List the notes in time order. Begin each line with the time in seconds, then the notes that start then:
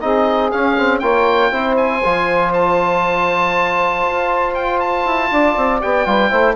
0.00 C4 D#4 G#4 D#5
0.51 C#4 F5
0.77 C4
0.99 A#3 F4 C#5 G5
1.51 C4 E4 C5
1.77 G#5
2.04 F3 F4
2.53 A5
4.05 F4
4.54 G5
4.79 A5
5.05 E4
5.30 D4 D5
5.56 C4
5.81 B3 G4 G5
6.05 G3 F4 B4
6.29 A3 E4 C5